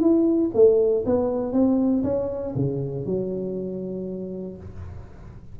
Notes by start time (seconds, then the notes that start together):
0.00 E4
0.54 A3
1.05 B3
1.52 C4
2.03 C#4
2.55 C#3
3.05 F#3